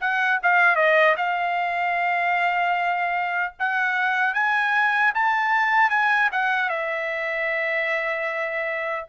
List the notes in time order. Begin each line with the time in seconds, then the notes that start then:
0.00 F#5
0.43 F5
0.75 D#5
1.17 F5
3.59 F#5
4.34 G#5
5.14 A5
5.90 G#5
6.32 F#5
6.69 E5